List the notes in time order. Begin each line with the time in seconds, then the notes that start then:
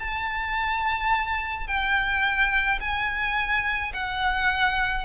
0.00 A5
1.67 G5
2.81 G#5
3.94 F#5